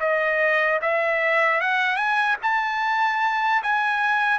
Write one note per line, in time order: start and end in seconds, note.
0.00 0.80 D#5
0.82 1.61 E5
1.61 1.96 F#5
1.96 2.36 G#5
2.43 3.63 A5
3.63 4.39 G#5